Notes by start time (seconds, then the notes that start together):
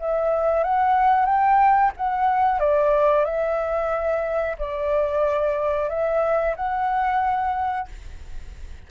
0.00 E5
0.64 F#5
1.26 G5
1.97 F#5
2.60 D5
3.25 E5
4.59 D5
5.90 E5
6.56 F#5